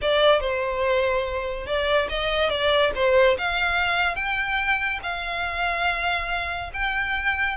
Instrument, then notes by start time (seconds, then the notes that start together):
violin
0.01 D5
0.40 C5
1.66 D5
2.09 D#5
2.49 D5
2.95 C5
3.37 F5
4.15 G5
5.03 F5
6.73 G5